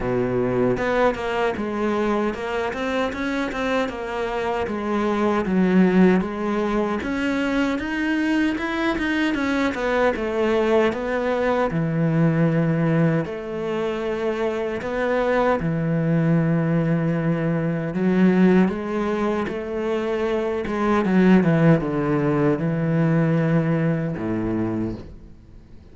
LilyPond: \new Staff \with { instrumentName = "cello" } { \time 4/4 \tempo 4 = 77 b,4 b8 ais8 gis4 ais8 c'8 | cis'8 c'8 ais4 gis4 fis4 | gis4 cis'4 dis'4 e'8 dis'8 | cis'8 b8 a4 b4 e4~ |
e4 a2 b4 | e2. fis4 | gis4 a4. gis8 fis8 e8 | d4 e2 a,4 | }